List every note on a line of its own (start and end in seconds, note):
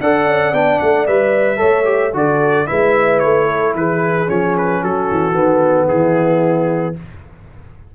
0.00 0.26 D4
0.00 0.53 A4
0.00 1.58 D5
0.00 0.54 F#5
0.26 0.52 C#4
0.52 0.79 B3
0.52 1.07 D4
0.52 0.79 G5
0.79 1.07 A3
0.79 1.06 F#5
1.06 1.61 G3
1.06 1.56 B4
1.06 2.13 E5
1.56 2.14 A3
1.56 1.83 A4
1.56 2.12 C#5
1.84 2.11 G4
2.13 2.67 D3
2.13 2.66 F#4
2.13 2.68 A4
2.13 2.67 D5
2.66 3.23 G#3
2.66 4.26 E4
2.66 3.47 B4
2.66 3.19 E5
3.19 3.74 A3
3.19 3.72 C#5
3.47 3.74 A4
3.74 4.28 E3
3.74 4.83 G#4
3.74 4.29 B4
4.26 4.82 F3
4.26 5.33 C#4
4.26 4.56 C#5
4.57 4.83 B4
4.82 5.09 F#3
4.82 5.87 F#4
4.82 5.87 A4
5.10 5.33 E3
5.33 5.87 D#3
5.33 6.93 B3
5.87 6.95 E3
5.87 6.94 E4
5.87 6.95 G#4